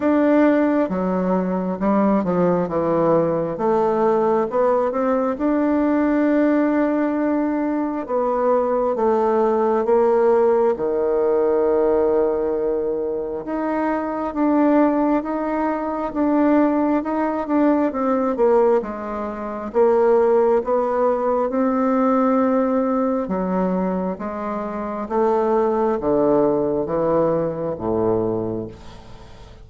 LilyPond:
\new Staff \with { instrumentName = "bassoon" } { \time 4/4 \tempo 4 = 67 d'4 fis4 g8 f8 e4 | a4 b8 c'8 d'2~ | d'4 b4 a4 ais4 | dis2. dis'4 |
d'4 dis'4 d'4 dis'8 d'8 | c'8 ais8 gis4 ais4 b4 | c'2 fis4 gis4 | a4 d4 e4 a,4 | }